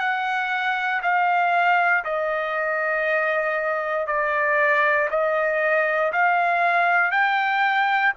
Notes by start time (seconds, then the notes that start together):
0.00 F#5
1.03 F5
2.05 D#5
4.07 D5
5.11 D#5
6.13 F5
7.11 G5